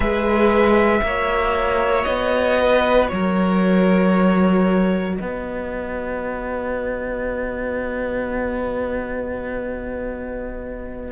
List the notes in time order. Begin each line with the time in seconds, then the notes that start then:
0.00 G#3 G#4 B4 E5
1.02 A#3 F#4 C#5
2.04 B3 D#5
2.59 B4
3.08 F#3 A#4 C#5
5.15 B3 B4 D#5